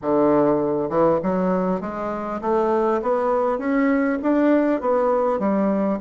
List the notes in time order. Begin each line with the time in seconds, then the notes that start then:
0.01 D3
0.89 E3
1.22 F#3
1.80 G#3
2.41 A3
3.02 B3
3.58 C#4
4.22 D4
4.80 B3
5.39 G3